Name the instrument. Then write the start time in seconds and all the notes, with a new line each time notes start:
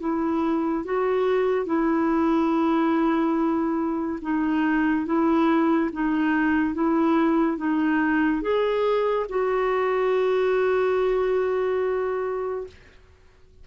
clarinet
0.00 E4
0.85 F#4
1.66 E4
4.22 D#4
5.06 E4
5.93 D#4
6.74 E4
7.57 D#4
8.42 G#4
9.29 F#4